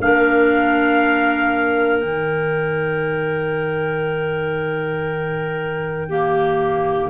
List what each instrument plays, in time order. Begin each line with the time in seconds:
0.00 tuba A#3, clarinet D4 A#4, trumpet F5
2.00 tuba D#3, clarinet D#4, trumpet G5
6.09 clarinet A#3 G4